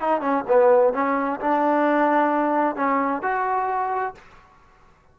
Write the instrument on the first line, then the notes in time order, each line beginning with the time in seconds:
trombone
0.00 D#4
0.21 C#4
0.48 B3
0.93 C#4
1.40 D4
2.76 C#4
3.22 F#4